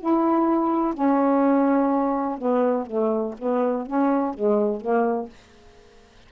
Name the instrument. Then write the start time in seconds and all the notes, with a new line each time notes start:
saxophone
0.00 E4
0.94 C#4
2.38 B3
2.86 A3
3.39 B3
3.86 C#4
4.34 G#3
4.81 A#3